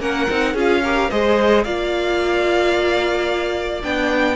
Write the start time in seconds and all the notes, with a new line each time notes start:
0.00 A#3 C#4 A#4 F#5
0.30 C4 D#4
0.54 C#4 F4 G#4 F5
0.84 G4 A#4
1.10 G#3 G#4 C5 D#5
1.65 A#3 F4 D5 F5
3.83 B3 D4 G5